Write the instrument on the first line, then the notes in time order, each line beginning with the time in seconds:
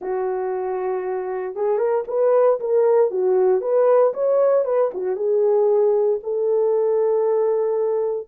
horn
0.01 F#4
1.55 G#4
1.78 A#4
2.07 B4
2.60 A#4
3.10 F#4
3.61 B4
4.13 C#5
4.65 B4
4.93 F#4
5.16 G#4
6.23 A4